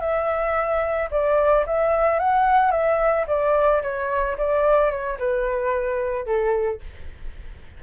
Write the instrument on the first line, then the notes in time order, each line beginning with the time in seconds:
flute
0.00 E5
1.11 D5
1.66 E5
2.19 F#5
2.71 E5
3.27 D5
3.82 C#5
4.38 D5
4.91 C#5
5.19 B4
6.26 A4